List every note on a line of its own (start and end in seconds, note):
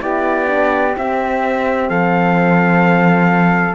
0.00 0.96 B3
0.00 0.46 E4
0.00 1.89 G4
0.00 0.95 D5
0.46 0.93 D4
0.95 3.75 C4
0.95 1.89 C4
0.95 1.89 E5
1.89 3.75 F3
1.89 3.75 A4
1.89 3.75 F5